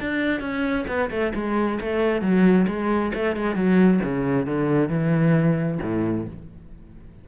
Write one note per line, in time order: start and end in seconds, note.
0.00 0.41 D4
0.41 0.85 C#4
0.88 1.10 B3
1.10 1.33 A3
1.34 1.79 G#3
1.80 2.21 A3
2.21 2.66 F#3
2.67 3.12 G#3
3.14 3.36 A3
3.36 3.55 G#3
3.55 4.00 F#3
4.03 4.46 C#3
4.46 4.88 D3
4.88 5.78 E3
5.82 6.27 A2